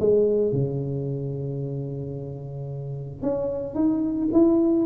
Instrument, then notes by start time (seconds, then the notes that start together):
tuba
0.00 G#3
0.52 C#3
3.22 C#4
3.75 D#4
4.33 E4